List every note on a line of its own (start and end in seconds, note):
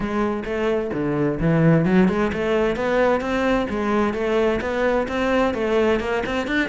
0.00 0.43 G#3
0.44 0.90 A3
0.93 1.39 D3
1.40 1.85 E3
1.85 2.08 F#3
2.08 2.31 G#3
2.32 2.76 A3
2.76 3.20 B3
3.20 3.67 C4
3.69 4.13 G#3
4.13 4.59 A3
4.61 5.07 B3
5.08 5.54 C4
5.54 6.00 A3
6.00 6.23 A#3
6.26 6.47 C4
6.47 6.68 D4